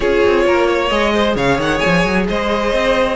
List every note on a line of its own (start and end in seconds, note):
0.00 0.21 C#4
0.00 0.89 F4
0.00 0.44 G#4
0.00 0.88 C#5
0.25 0.46 C4
0.46 0.90 A#3
0.46 0.67 A#4
0.67 1.12 C#5
0.88 1.35 G#3
0.88 3.15 G#4
0.88 1.34 D#5
1.13 1.36 C5
1.35 1.58 C#3
1.35 2.26 C#5
1.35 1.60 F5
1.58 1.81 D#3
1.58 1.79 F#5
1.79 2.05 F3
1.79 2.24 G#5
2.05 2.28 F#3
2.27 2.73 G#3
2.27 3.15 C5
2.27 3.15 D#5
2.73 3.15 C4